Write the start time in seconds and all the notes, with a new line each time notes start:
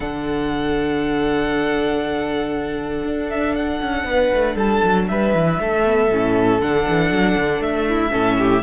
0.00 D3 D4 A4 F#5
3.03 D4
3.30 E5
3.55 F#5
3.81 C#4
4.04 B3 B4
4.33 A3
4.55 G3 A4 A5
4.84 F#3
5.08 G3 B4 E5
5.34 E3
5.59 A3 A4
5.84 B3
6.10 A2 C#4
6.60 D3 D4 F#5
6.88 E3
7.10 F#3
7.36 D3
7.60 A3 E5
7.88 E4
8.10 A2 C#4 A4
8.38 G4